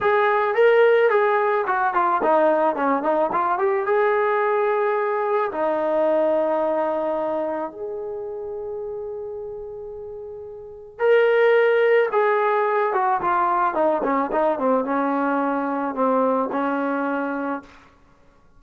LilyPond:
\new Staff \with { instrumentName = "trombone" } { \time 4/4 \tempo 4 = 109 gis'4 ais'4 gis'4 fis'8 f'8 | dis'4 cis'8 dis'8 f'8 g'8 gis'4~ | gis'2 dis'2~ | dis'2 gis'2~ |
gis'1 | ais'2 gis'4. fis'8 | f'4 dis'8 cis'8 dis'8 c'8 cis'4~ | cis'4 c'4 cis'2 | }